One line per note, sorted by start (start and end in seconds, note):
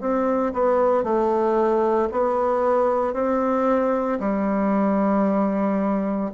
0.00 0.53 C4
0.53 1.03 B3
1.03 2.09 A3
2.11 3.13 B3
3.13 4.19 C4
4.20 6.30 G3